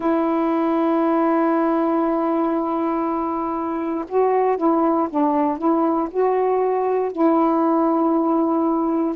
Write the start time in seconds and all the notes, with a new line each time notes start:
0.00 E4
4.08 F#4
4.57 E4
5.10 D4
5.57 E4
6.10 F#4
7.12 E4